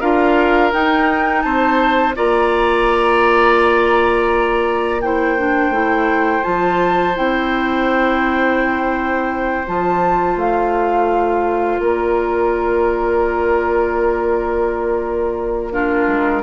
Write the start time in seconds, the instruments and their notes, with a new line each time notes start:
0.00 bassoon D4, clarinet F4, oboe A#4, flute F5
0.72 clarinet D#4, bassoon D#4, flute G5
1.42 bassoon C4, oboe C5, flute A5
2.15 bassoon A#3, clarinet F4, oboe D5, flute A#5
5.01 clarinet E4, oboe C5, flute G5
5.38 clarinet D4
5.70 bassoon A3, clarinet E4
6.43 bassoon F3, clarinet F4, flute A5
7.15 bassoon C4, clarinet E4, flute G5
9.67 bassoon F3, clarinet F4, flute A5
10.36 bassoon A3, flute F5
11.79 bassoon A#3, oboe A#4, flute D5
15.72 clarinet D4, oboe F4, flute A#4
16.07 bassoon G#3